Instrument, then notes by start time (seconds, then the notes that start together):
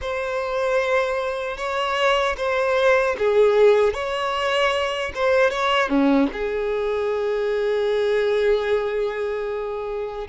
violin
0.01 C5
1.57 C#5
2.37 C5
3.18 G#4
3.93 C#5
5.14 C5
5.50 C#5
5.89 C#4
6.33 G#4